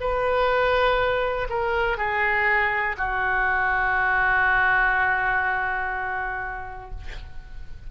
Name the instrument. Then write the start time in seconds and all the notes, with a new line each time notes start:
oboe
0.00 B4
1.49 A#4
1.97 G#4
2.97 F#4